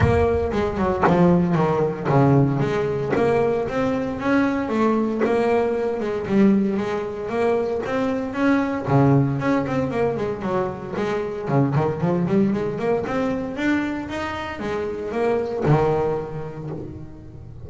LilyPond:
\new Staff \with { instrumentName = "double bass" } { \time 4/4 \tempo 4 = 115 ais4 gis8 fis8 f4 dis4 | cis4 gis4 ais4 c'4 | cis'4 a4 ais4. gis8 | g4 gis4 ais4 c'4 |
cis'4 cis4 cis'8 c'8 ais8 gis8 | fis4 gis4 cis8 dis8 f8 g8 | gis8 ais8 c'4 d'4 dis'4 | gis4 ais4 dis2 | }